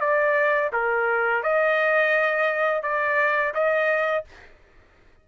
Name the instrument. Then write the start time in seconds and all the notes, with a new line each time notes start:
trumpet
0.00 D5
0.73 A#4
1.43 D#5
2.83 D5
3.54 D#5